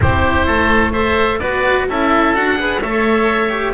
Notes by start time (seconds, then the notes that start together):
0.00 C4 E4 G4 C5
0.46 A3 A4
0.92 A4 C5 E5
1.39 B3 F#4 B4 D5
1.88 C#4 E4 A4 E5
2.34 D4 F#4 F#5
2.55 G#4 B4
2.81 A3 A4 C#5 E5
3.50 G4